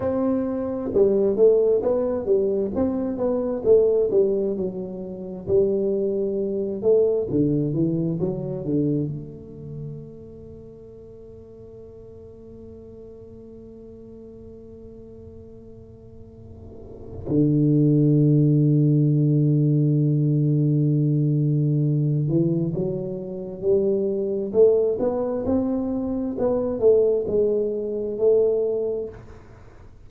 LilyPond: \new Staff \with { instrumentName = "tuba" } { \time 4/4 \tempo 4 = 66 c'4 g8 a8 b8 g8 c'8 b8 | a8 g8 fis4 g4. a8 | d8 e8 fis8 d8 a2~ | a1~ |
a2. d4~ | d1~ | d8 e8 fis4 g4 a8 b8 | c'4 b8 a8 gis4 a4 | }